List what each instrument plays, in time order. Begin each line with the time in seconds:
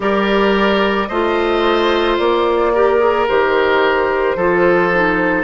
0.00 bassoon G3, clarinet G4, oboe A#4, flute D5
1.07 bassoon A3, clarinet F4, oboe C5, flute D#5
2.17 bassoon A#3, flute D5
2.74 clarinet G4, oboe A#4
2.99 clarinet G#4
3.27 bassoon D#3, clarinet G4, flute C5
4.36 bassoon F3, clarinet F4, oboe A4
4.92 clarinet D#4